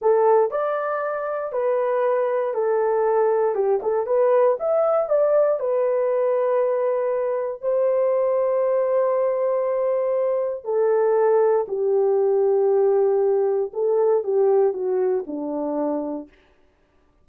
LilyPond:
\new Staff \with { instrumentName = "horn" } { \time 4/4 \tempo 4 = 118 a'4 d''2 b'4~ | b'4 a'2 g'8 a'8 | b'4 e''4 d''4 b'4~ | b'2. c''4~ |
c''1~ | c''4 a'2 g'4~ | g'2. a'4 | g'4 fis'4 d'2 | }